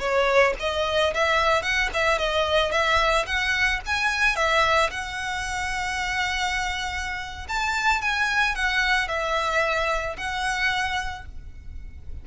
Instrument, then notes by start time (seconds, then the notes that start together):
violin
0.00 C#5
0.60 D#5
1.14 E5
1.63 F#5
1.94 E5
2.19 D#5
2.72 E5
3.27 F#5
3.86 G#5
4.36 E5
4.91 F#5
7.49 A5
8.02 G#5
8.56 F#5
9.09 E5
10.17 F#5